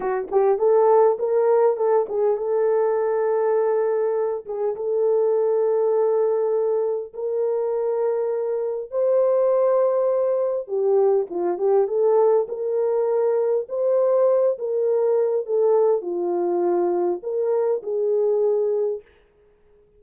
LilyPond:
\new Staff \with { instrumentName = "horn" } { \time 4/4 \tempo 4 = 101 fis'8 g'8 a'4 ais'4 a'8 gis'8 | a'2.~ a'8 gis'8 | a'1 | ais'2. c''4~ |
c''2 g'4 f'8 g'8 | a'4 ais'2 c''4~ | c''8 ais'4. a'4 f'4~ | f'4 ais'4 gis'2 | }